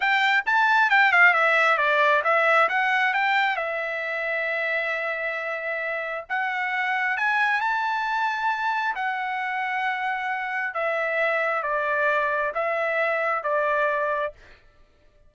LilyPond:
\new Staff \with { instrumentName = "trumpet" } { \time 4/4 \tempo 4 = 134 g''4 a''4 g''8 f''8 e''4 | d''4 e''4 fis''4 g''4 | e''1~ | e''2 fis''2 |
gis''4 a''2. | fis''1 | e''2 d''2 | e''2 d''2 | }